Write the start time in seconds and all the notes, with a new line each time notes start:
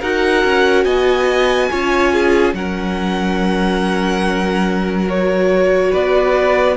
0.00 D#4 F#4 A#4 F#5
0.44 C#4
0.84 B3 D#5 G#5
1.70 C#4 F4 C#5
2.12 G#4
2.53 F#3 C#4 A#4 F#5
5.07 F#4 C#5
5.90 B3 B4 D5